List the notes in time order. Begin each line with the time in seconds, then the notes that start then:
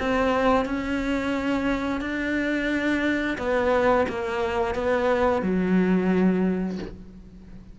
0.00 C4
0.65 C#4
2.01 D4
3.38 B3
4.09 A#3
4.75 B3
5.42 F#3